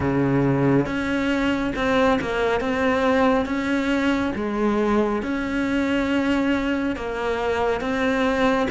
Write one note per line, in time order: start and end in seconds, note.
0.00 0.86 C#3
0.86 1.73 C#4
1.75 2.19 C4
2.21 2.60 A#3
2.60 3.45 C4
3.45 4.32 C#4
4.35 5.22 G#3
5.22 6.96 C#4
6.96 7.81 A#3
7.81 8.68 C4